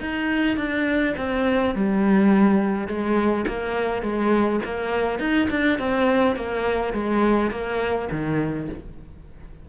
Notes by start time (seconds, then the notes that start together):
0.00 D#4
0.57 D4
1.17 C4
1.75 G3
2.87 G#3
3.47 A#3
4.02 G#3
4.64 A#3
5.19 D#4
5.50 D4
5.78 C4
6.36 A#3
6.93 G#3
7.50 A#3
8.11 D#3